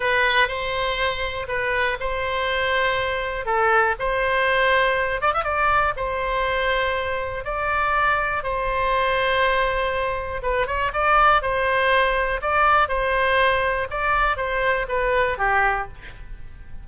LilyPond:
\new Staff \with { instrumentName = "oboe" } { \time 4/4 \tempo 4 = 121 b'4 c''2 b'4 | c''2. a'4 | c''2~ c''8 d''16 e''16 d''4 | c''2. d''4~ |
d''4 c''2.~ | c''4 b'8 cis''8 d''4 c''4~ | c''4 d''4 c''2 | d''4 c''4 b'4 g'4 | }